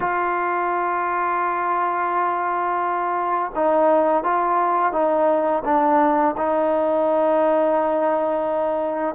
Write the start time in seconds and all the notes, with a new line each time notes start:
0.00 F4
3.55 D#4
4.24 F4
4.92 D#4
5.64 D4
6.37 D#4